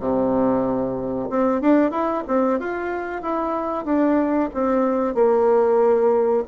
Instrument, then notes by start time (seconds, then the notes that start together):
bassoon
0.00 C3
1.30 C4
1.61 D4
1.91 E4
2.28 C4
2.60 F4
3.22 E4
3.85 D4
4.54 C4
5.15 A#3